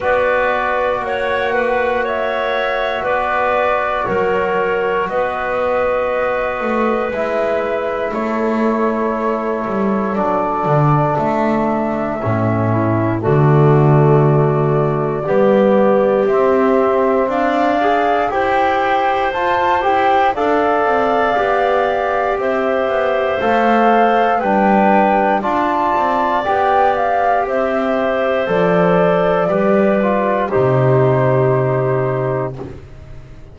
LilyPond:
<<
  \new Staff \with { instrumentName = "flute" } { \time 4/4 \tempo 4 = 59 d''4 fis''4 e''4 d''4 | cis''4 dis''2 e''4 | cis''2 d''4 e''4~ | e''4 d''2. |
e''4 f''4 g''4 a''8 g''8 | f''2 e''4 f''4 | g''4 a''4 g''8 f''8 e''4 | d''2 c''2 | }
  \new Staff \with { instrumentName = "clarinet" } { \time 4/4 b'4 cis''8 b'8 cis''4 b'4 | ais'4 b'2. | a'1~ | a'8 e'8 fis'2 g'4~ |
g'4 d''4 c''2 | d''2 c''2 | b'4 d''2 c''4~ | c''4 b'4 g'2 | }
  \new Staff \with { instrumentName = "trombone" } { \time 4/4 fis'1~ | fis'2. e'4~ | e'2 d'2 | cis'4 a2 b4 |
c'4. gis'8 g'4 f'8 g'8 | a'4 g'2 a'4 | d'4 f'4 g'2 | a'4 g'8 f'8 dis'2 | }
  \new Staff \with { instrumentName = "double bass" } { \time 4/4 b4 ais2 b4 | fis4 b4. a8 gis4 | a4. g8 fis8 d8 a4 | a,4 d2 g4 |
c'4 d'4 e'4 f'8 e'8 | d'8 c'8 b4 c'8 b8 a4 | g4 d'8 c'8 b4 c'4 | f4 g4 c2 | }
>>